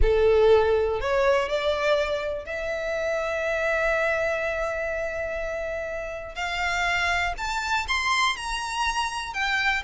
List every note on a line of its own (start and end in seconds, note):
0.02 1.00 A4
1.00 1.48 C#5
1.48 2.45 D5
2.45 6.35 E5
6.35 7.33 F5
7.37 7.86 A5
7.88 8.36 C6
8.36 9.33 A#5
9.33 9.82 G5